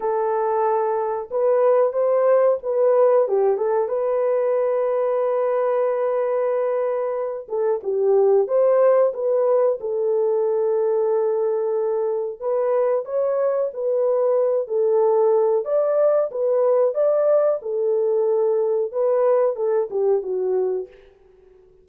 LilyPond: \new Staff \with { instrumentName = "horn" } { \time 4/4 \tempo 4 = 92 a'2 b'4 c''4 | b'4 g'8 a'8 b'2~ | b'2.~ b'8 a'8 | g'4 c''4 b'4 a'4~ |
a'2. b'4 | cis''4 b'4. a'4. | d''4 b'4 d''4 a'4~ | a'4 b'4 a'8 g'8 fis'4 | }